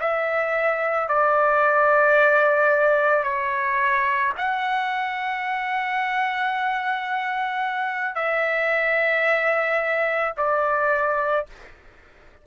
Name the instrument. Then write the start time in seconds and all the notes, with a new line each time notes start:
trumpet
0.00 E5
1.08 D5
3.23 C#5
4.37 F#5
8.15 E5
10.37 D5